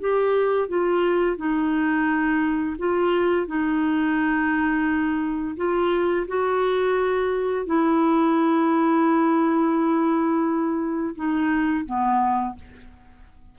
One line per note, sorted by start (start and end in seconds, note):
0.00 0.68 G4
0.68 1.37 F4
1.37 2.76 D#4
2.78 3.47 F4
3.47 5.56 D#4
5.57 6.26 F4
6.27 7.66 F#4
7.66 11.15 E4
11.15 11.85 D#4
11.85 12.55 B3